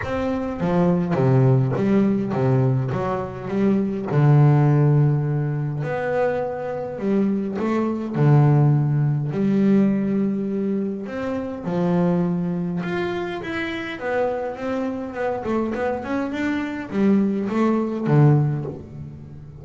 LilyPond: \new Staff \with { instrumentName = "double bass" } { \time 4/4 \tempo 4 = 103 c'4 f4 c4 g4 | c4 fis4 g4 d4~ | d2 b2 | g4 a4 d2 |
g2. c'4 | f2 f'4 e'4 | b4 c'4 b8 a8 b8 cis'8 | d'4 g4 a4 d4 | }